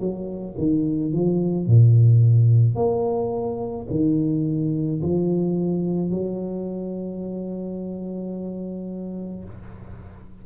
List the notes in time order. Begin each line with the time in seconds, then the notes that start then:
0.00 F#3
0.57 D#3
1.13 F3
1.67 A#2
2.75 A#3
3.90 D#3
5.02 F3
6.11 F#3